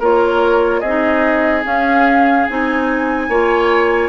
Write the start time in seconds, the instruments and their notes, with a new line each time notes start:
0.00 bassoon A#3, clarinet F4, oboe A#4, flute C#5
0.80 bassoon C4, oboe G#4, flute D#5
0.87 clarinet D#4
1.63 clarinet C#4, bassoon C#4, flute F5
2.47 bassoon C4, clarinet D#4, flute G#5
3.29 bassoon A#3, clarinet F4, oboe C#5